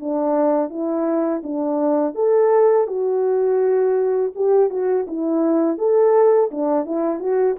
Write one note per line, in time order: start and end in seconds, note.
0.00 0.70 D4
0.70 1.42 E4
1.44 2.15 D4
2.15 2.87 A4
2.88 4.32 F#4
4.35 4.70 G4
4.70 5.06 F#4
5.07 5.78 E4
5.78 6.51 A4
6.52 6.86 D4
6.86 7.20 E4
7.20 7.56 F#4